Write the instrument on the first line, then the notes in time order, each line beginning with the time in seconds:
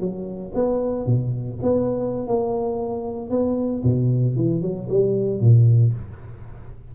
tuba
0.00 F#3
0.55 B3
1.06 B2
1.63 B3
2.28 A#3
3.30 B3
3.83 B2
4.36 E3
4.62 F#3
4.89 G3
5.41 A#2